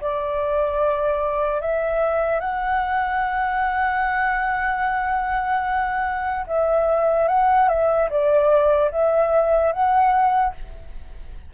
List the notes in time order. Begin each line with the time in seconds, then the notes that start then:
0.00 D5
1.61 E5
2.40 F#5
6.46 E5
7.28 F#5
7.68 E5
8.09 D5
8.91 E5
9.72 F#5